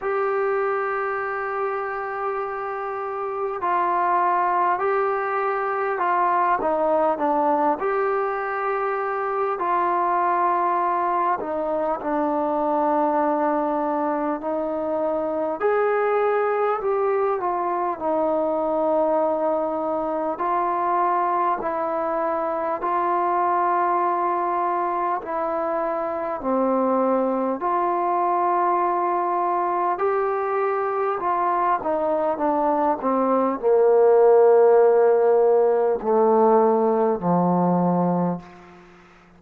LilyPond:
\new Staff \with { instrumentName = "trombone" } { \time 4/4 \tempo 4 = 50 g'2. f'4 | g'4 f'8 dis'8 d'8 g'4. | f'4. dis'8 d'2 | dis'4 gis'4 g'8 f'8 dis'4~ |
dis'4 f'4 e'4 f'4~ | f'4 e'4 c'4 f'4~ | f'4 g'4 f'8 dis'8 d'8 c'8 | ais2 a4 f4 | }